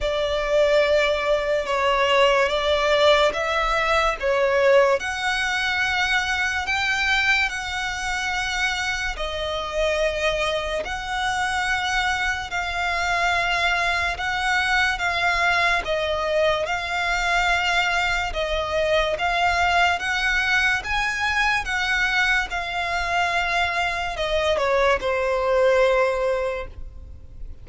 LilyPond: \new Staff \with { instrumentName = "violin" } { \time 4/4 \tempo 4 = 72 d''2 cis''4 d''4 | e''4 cis''4 fis''2 | g''4 fis''2 dis''4~ | dis''4 fis''2 f''4~ |
f''4 fis''4 f''4 dis''4 | f''2 dis''4 f''4 | fis''4 gis''4 fis''4 f''4~ | f''4 dis''8 cis''8 c''2 | }